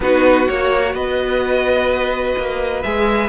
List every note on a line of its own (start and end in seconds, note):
0.00 0.47 B3
0.00 0.46 D#4
0.00 0.94 F#4
0.00 0.48 B4
0.46 0.94 A#3
0.46 2.82 F#4
0.46 0.95 C#5
0.94 2.35 B3
0.94 3.29 B4
0.94 2.82 D#5
2.37 2.84 A#3
2.82 3.29 G#3
2.82 3.29 G#4
2.82 3.29 E5